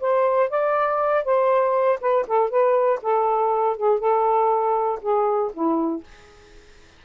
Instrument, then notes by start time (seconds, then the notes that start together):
saxophone
0.00 C5
0.50 D5
1.25 C5
2.01 B4
2.27 A4
2.50 B4
3.02 A4
3.76 G#4
4.00 A4
5.02 G#4
5.53 E4